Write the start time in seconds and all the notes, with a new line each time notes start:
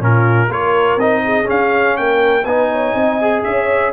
0.00 A#2 C#4 F4 A#4
0.49 A#3 F4 A#4 C#5
0.96 C4 D#4 D#5
1.25 G#4
1.45 C#4 F5
1.97 A#3 A#4 G5
2.44 B3 D#4 B4 G#5
2.71 C#5
2.94 C4 D#5
3.21 G#4
3.43 C#4 C#5 E5